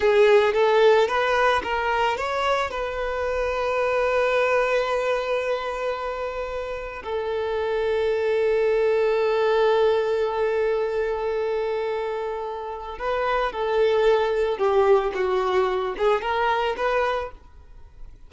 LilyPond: \new Staff \with { instrumentName = "violin" } { \time 4/4 \tempo 4 = 111 gis'4 a'4 b'4 ais'4 | cis''4 b'2.~ | b'1~ | b'4 a'2.~ |
a'1~ | a'1 | b'4 a'2 g'4 | fis'4. gis'8 ais'4 b'4 | }